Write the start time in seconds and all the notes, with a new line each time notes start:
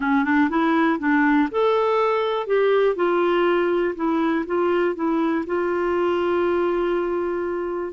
0.00 C#4
0.24 D4
0.49 E4
0.99 D4
1.51 A4
2.47 G4
2.95 F4
3.95 E4
4.46 F4
4.95 E4
5.46 F4